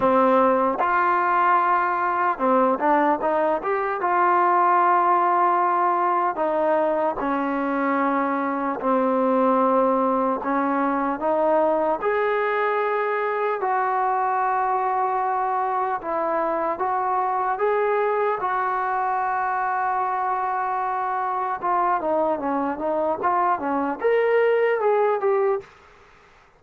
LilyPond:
\new Staff \with { instrumentName = "trombone" } { \time 4/4 \tempo 4 = 75 c'4 f'2 c'8 d'8 | dis'8 g'8 f'2. | dis'4 cis'2 c'4~ | c'4 cis'4 dis'4 gis'4~ |
gis'4 fis'2. | e'4 fis'4 gis'4 fis'4~ | fis'2. f'8 dis'8 | cis'8 dis'8 f'8 cis'8 ais'4 gis'8 g'8 | }